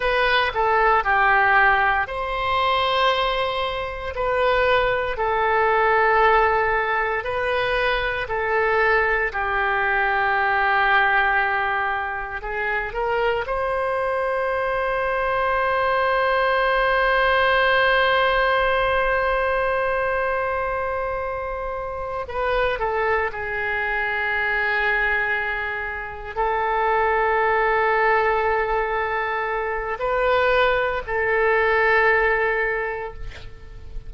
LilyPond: \new Staff \with { instrumentName = "oboe" } { \time 4/4 \tempo 4 = 58 b'8 a'8 g'4 c''2 | b'4 a'2 b'4 | a'4 g'2. | gis'8 ais'8 c''2.~ |
c''1~ | c''4. b'8 a'8 gis'4.~ | gis'4. a'2~ a'8~ | a'4 b'4 a'2 | }